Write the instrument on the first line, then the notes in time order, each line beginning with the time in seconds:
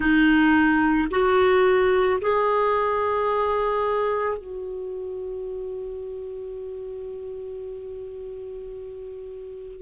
clarinet
0.00 D#4
1.10 F#4
2.21 G#4
4.37 F#4